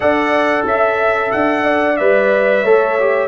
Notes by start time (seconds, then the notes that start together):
0.00 D4 A4 D5 F#5
0.65 C#4 E5
1.31 D4 F#5
1.64 D5
1.97 G3 B4 E5
2.62 A3 A4 C#5
2.99 G4